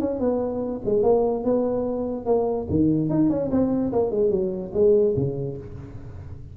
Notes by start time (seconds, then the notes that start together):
0.00 C#4
0.20 B3
0.85 G#3
1.03 A#3
1.44 B3
2.26 A#3
2.70 D#3
3.10 D#4
3.30 C#4
3.51 C4
3.92 A#3
4.11 G#3
4.30 F#3
4.74 G#3
5.16 C#3